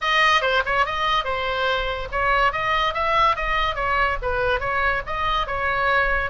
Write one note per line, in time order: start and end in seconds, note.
0.01 0.41 D#5
0.41 0.62 C5
0.65 0.85 C#5
0.85 1.24 D#5
1.24 2.08 C5
2.11 2.52 C#5
2.52 2.94 D#5
2.94 3.36 E5
3.36 3.75 D#5
3.75 4.17 C#5
4.21 4.59 B4
4.59 5.01 C#5
5.06 5.46 D#5
5.46 6.30 C#5